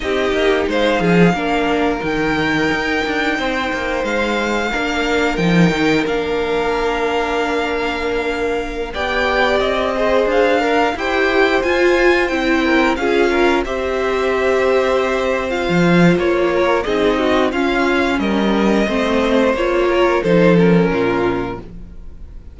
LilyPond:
<<
  \new Staff \with { instrumentName = "violin" } { \time 4/4 \tempo 4 = 89 dis''4 f''2 g''4~ | g''2 f''2 | g''4 f''2.~ | f''4~ f''16 g''4 dis''4 f''8.~ |
f''16 g''4 gis''4 g''4 f''8.~ | f''16 e''2~ e''8. f''4 | cis''4 dis''4 f''4 dis''4~ | dis''4 cis''4 c''8 ais'4. | }
  \new Staff \with { instrumentName = "violin" } { \time 4/4 g'4 c''8 gis'8 ais'2~ | ais'4 c''2 ais'4~ | ais'1~ | ais'4~ ais'16 d''4. c''4 ais'16~ |
ais'16 c''2~ c''8 ais'8 gis'8 ais'16~ | ais'16 c''2.~ c''8.~ | c''8 ais'8 gis'8 fis'8 f'4 ais'4 | c''4. ais'8 a'4 f'4 | }
  \new Staff \with { instrumentName = "viola" } { \time 4/4 dis'2 d'4 dis'4~ | dis'2. d'4 | dis'4 d'2.~ | d'4~ d'16 g'4. gis'4 ais'16~ |
ais'16 g'4 f'4 e'4 f'8.~ | f'16 g'2~ g'8. f'4~ | f'4 dis'4 cis'2 | c'4 f'4 dis'8 cis'4. | }
  \new Staff \with { instrumentName = "cello" } { \time 4/4 c'8 ais8 gis8 f8 ais4 dis4 | dis'8 d'8 c'8 ais8 gis4 ais4 | f8 dis8 ais2.~ | ais4~ ais16 b4 c'4 d'8.~ |
d'16 e'4 f'4 c'4 cis'8.~ | cis'16 c'2. f8. | ais4 c'4 cis'4 g4 | a4 ais4 f4 ais,4 | }
>>